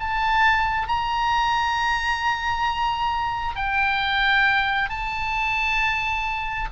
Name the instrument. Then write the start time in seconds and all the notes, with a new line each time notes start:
oboe
0.00 A5
0.88 A#5
3.56 G5
4.90 A5